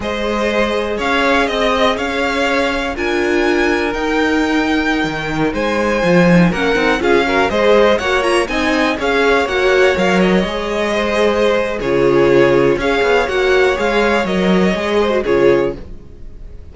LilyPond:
<<
  \new Staff \with { instrumentName = "violin" } { \time 4/4 \tempo 4 = 122 dis''2 f''4 dis''4 | f''2 gis''2 | g''2.~ g''16 gis''8.~ | gis''4~ gis''16 fis''4 f''4 dis''8.~ |
dis''16 fis''8 ais''8 gis''4 f''4 fis''8.~ | fis''16 f''8 dis''2.~ dis''16 | cis''2 f''4 fis''4 | f''4 dis''2 cis''4 | }
  \new Staff \with { instrumentName = "violin" } { \time 4/4 c''2 cis''4 dis''4 | cis''2 ais'2~ | ais'2.~ ais'16 c''8.~ | c''4~ c''16 ais'4 gis'8 ais'8 c''8.~ |
c''16 cis''4 dis''4 cis''4.~ cis''16~ | cis''2~ cis''16 c''4.~ c''16 | gis'2 cis''2~ | cis''2~ cis''8 c''8 gis'4 | }
  \new Staff \with { instrumentName = "viola" } { \time 4/4 gis'1~ | gis'2 f'2 | dis'1~ | dis'16 f'8 dis'8 cis'8 dis'8 f'8 fis'8 gis'8.~ |
gis'16 fis'8 f'8 dis'4 gis'4 fis'8.~ | fis'16 ais'4 gis'2~ gis'8. | f'2 gis'4 fis'4 | gis'4 ais'4 gis'8. fis'16 f'4 | }
  \new Staff \with { instrumentName = "cello" } { \time 4/4 gis2 cis'4 c'4 | cis'2 d'2 | dis'2~ dis'16 dis4 gis8.~ | gis16 f4 ais8 c'8 cis'4 gis8.~ |
gis16 ais4 c'4 cis'4 ais8.~ | ais16 fis4 gis2~ gis8. | cis2 cis'8 b8 ais4 | gis4 fis4 gis4 cis4 | }
>>